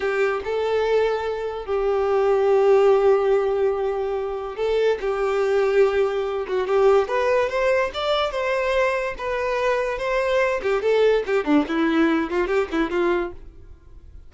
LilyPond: \new Staff \with { instrumentName = "violin" } { \time 4/4 \tempo 4 = 144 g'4 a'2. | g'1~ | g'2. a'4 | g'2.~ g'8 fis'8 |
g'4 b'4 c''4 d''4 | c''2 b'2 | c''4. g'8 a'4 g'8 d'8 | e'4. f'8 g'8 e'8 f'4 | }